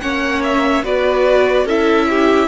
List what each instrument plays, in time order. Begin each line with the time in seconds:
0.00 cello A#3, viola C#4, violin C#5 F#5
0.43 violin E5
0.83 cello B3, viola F#4, violin B4 D5
1.65 cello C#4, viola E4, violin A4 E5
2.09 violin G4